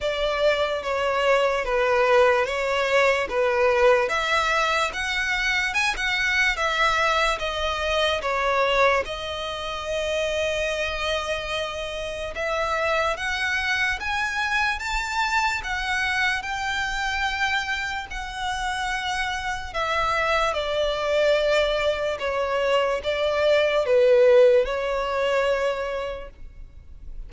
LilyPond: \new Staff \with { instrumentName = "violin" } { \time 4/4 \tempo 4 = 73 d''4 cis''4 b'4 cis''4 | b'4 e''4 fis''4 gis''16 fis''8. | e''4 dis''4 cis''4 dis''4~ | dis''2. e''4 |
fis''4 gis''4 a''4 fis''4 | g''2 fis''2 | e''4 d''2 cis''4 | d''4 b'4 cis''2 | }